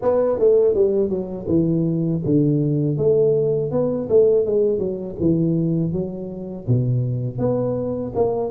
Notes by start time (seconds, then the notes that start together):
0.02 B3
0.38 A3
0.74 G3
1.09 F#3
1.47 E3
2.25 D3
2.97 A3
3.71 B3
4.09 A3
4.45 G#3
4.78 F#3
5.20 E3
5.92 F#3
6.67 B2
7.38 B3
8.15 A#3